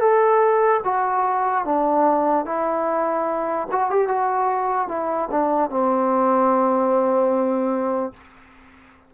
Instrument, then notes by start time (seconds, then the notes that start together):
trombone
0.00 A4
0.85 F#4
1.65 D4
2.46 E4
3.72 F#4
3.91 G4
4.08 F#4
4.89 E4
5.31 D4
5.71 C4